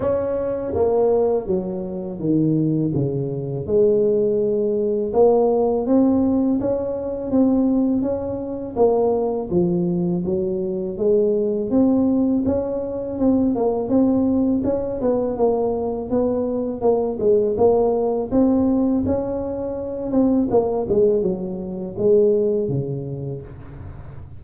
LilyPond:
\new Staff \with { instrumentName = "tuba" } { \time 4/4 \tempo 4 = 82 cis'4 ais4 fis4 dis4 | cis4 gis2 ais4 | c'4 cis'4 c'4 cis'4 | ais4 f4 fis4 gis4 |
c'4 cis'4 c'8 ais8 c'4 | cis'8 b8 ais4 b4 ais8 gis8 | ais4 c'4 cis'4. c'8 | ais8 gis8 fis4 gis4 cis4 | }